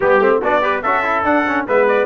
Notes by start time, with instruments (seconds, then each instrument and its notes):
0.00 tuba G3, trombone B3, trumpet G4
0.19 tuba A3, trombone C4
0.41 tuba B3, trombone D4, trumpet F#4 D5
0.61 trombone G4, trumpet B4
0.82 tuba C#4, trombone F#4, trumpet A4 E5
1.03 trombone E4
1.24 tuba D4, trombone D4, trumpet F#5
1.47 trombone C#4
1.67 tuba G#3, trombone B3, trumpet B4 E5
1.87 trumpet D5